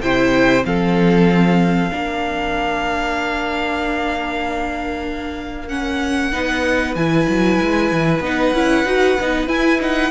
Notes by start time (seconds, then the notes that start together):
0.00 C3 E4 C5 G5
0.64 F3 C4 A4 F5
1.90 A#3 D4 A#4
5.68 C#4 F#5
6.32 B3 D#4 B4
6.95 E3 E4 G#5
7.28 F#3
7.61 G#3
7.91 E3
8.20 B3 D#4 F#5
8.54 C#4 E4
8.84 D#4 F#4
9.19 B3 D#4
9.47 E4 G#5
9.80 D#4 F#5